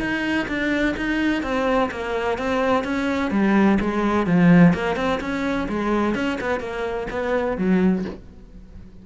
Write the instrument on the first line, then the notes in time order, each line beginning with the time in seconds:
cello
0.00 D#4
0.48 D4
0.97 D#4
1.43 C4
1.91 A#3
2.38 C4
2.84 C#4
3.31 G3
3.81 G#3
4.27 F3
4.74 A#3
4.96 C4
5.21 C#4
5.69 G#3
6.15 C#4
6.41 B3
6.60 A#3
7.11 B3
7.58 F#3